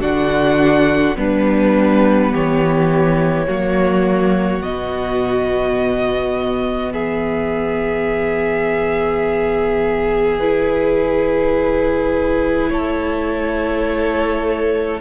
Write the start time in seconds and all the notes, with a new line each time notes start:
0.00 D3 D4 F#4 F#5
1.15 G3 B3 D4 B4
2.32 E3 G4 C#5
3.47 F#3 A#3 F#4
4.62 B2 B3 D#5
6.93 E3 G#4 E5
10.39 E4 B4
12.69 A3 A4 C#5